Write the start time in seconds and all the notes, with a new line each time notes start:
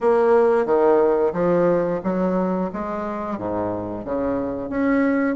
0.00 A#3
0.65 D#3
1.33 F3
2.03 F#3
2.72 G#3
3.38 G#2
4.04 C#3
4.69 C#4